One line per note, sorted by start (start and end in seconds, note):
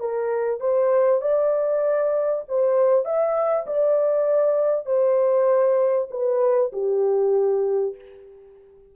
0.00 0.60 A#4
0.60 1.22 C5
1.22 2.44 D5
2.48 3.05 C5
3.05 3.66 E5
3.67 4.86 D5
4.86 6.08 C5
6.11 6.72 B4
6.73 7.95 G4